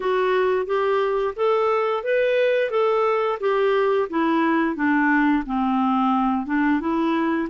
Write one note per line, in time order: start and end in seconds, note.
0.00 0.66 F#4
0.66 1.34 G4
1.36 2.03 A4
2.03 2.70 B4
2.70 3.38 A4
3.40 4.08 G4
4.09 4.75 E4
4.75 5.43 D4
5.46 6.46 C4
6.46 6.80 D4
6.80 7.48 E4